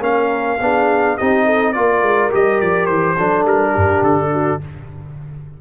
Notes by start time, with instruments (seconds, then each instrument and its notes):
0.00 tuba A#3, trombone C#4, horn A#4, trumpet F5
0.61 tuba B3, trombone D4, horn G#4
1.17 tuba C4, trombone D#4, horn G4, trumpet D#5
1.45 horn A4
1.73 tuba A#3, trombone F4, horn A#4, trumpet D5
2.02 tuba G#3
2.31 tuba G3, trombone G4, trumpet D#5
2.61 tuba F3, trumpet D5
2.86 tuba E3, trumpet C5
3.15 tuba F#3, trombone D4, horn A4
3.45 tuba G3, trumpet A#4
3.71 tuba G2, horn G4
4.02 tuba D3, trumpet A4
4.32 horn F#4